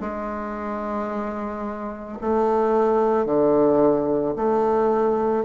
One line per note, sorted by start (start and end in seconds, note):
0.00 2.18 G#3
2.21 3.26 A3
3.26 4.35 D3
4.36 5.45 A3